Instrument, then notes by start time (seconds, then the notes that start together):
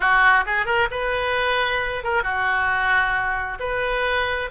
oboe
0.00 F#4
0.46 G#4
0.65 A#4
0.90 B4
2.03 A#4
2.23 F#4
3.59 B4